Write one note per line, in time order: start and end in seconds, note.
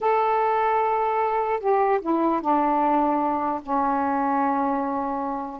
0.00 1.59 A4
1.59 1.99 G4
2.01 2.41 E4
2.41 3.61 D4
3.62 5.60 C#4